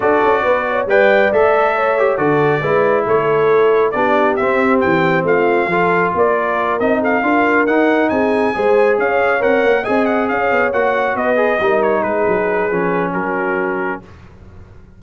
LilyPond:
<<
  \new Staff \with { instrumentName = "trumpet" } { \time 4/4 \tempo 4 = 137 d''2 g''4 e''4~ | e''4 d''2 cis''4~ | cis''4 d''4 e''4 g''4 | f''2 d''4. dis''8 |
f''4. fis''4 gis''4.~ | gis''8 f''4 fis''4 gis''8 fis''8 f''8~ | f''8 fis''4 dis''4. cis''8 b'8~ | b'2 ais'2 | }
  \new Staff \with { instrumentName = "horn" } { \time 4/4 a'4 b'8 cis''8 d''2 | cis''4 a'4 b'4 a'4~ | a'4 g'2. | f'4 a'4 ais'2 |
a'8 ais'2 gis'4 c''8~ | c''8 cis''2 dis''4 cis''8~ | cis''4. b'4 ais'4 gis'8~ | gis'2 fis'2 | }
  \new Staff \with { instrumentName = "trombone" } { \time 4/4 fis'2 b'4 a'4~ | a'8 g'8 fis'4 e'2~ | e'4 d'4 c'2~ | c'4 f'2~ f'8 dis'8~ |
dis'8 f'4 dis'2 gis'8~ | gis'4. ais'4 gis'4.~ | gis'8 fis'4. gis'8 dis'4.~ | dis'4 cis'2. | }
  \new Staff \with { instrumentName = "tuba" } { \time 4/4 d'8 cis'8 b4 g4 a4~ | a4 d4 gis4 a4~ | a4 b4 c'4 e4 | a4 f4 ais4. c'8~ |
c'8 d'4 dis'4 c'4 gis8~ | gis8 cis'4 c'8 ais8 c'4 cis'8 | b8 ais4 b4 g4 gis8 | fis4 f4 fis2 | }
>>